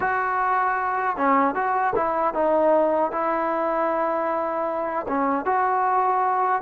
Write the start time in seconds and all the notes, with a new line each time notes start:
0.00 F#4
1.17 C#4
1.54 F#4
1.95 E4
2.34 D#4
3.11 E4
5.08 C#4
5.45 F#4